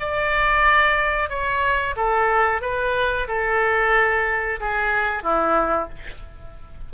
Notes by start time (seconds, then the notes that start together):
0.00 D5
1.29 C#5
1.96 A4
2.62 B4
3.28 A4
4.60 G#4
5.24 E4